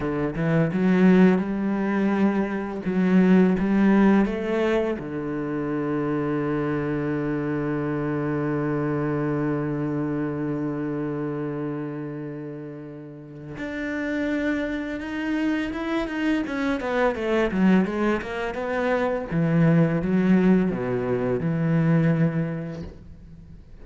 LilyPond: \new Staff \with { instrumentName = "cello" } { \time 4/4 \tempo 4 = 84 d8 e8 fis4 g2 | fis4 g4 a4 d4~ | d1~ | d1~ |
d2. d'4~ | d'4 dis'4 e'8 dis'8 cis'8 b8 | a8 fis8 gis8 ais8 b4 e4 | fis4 b,4 e2 | }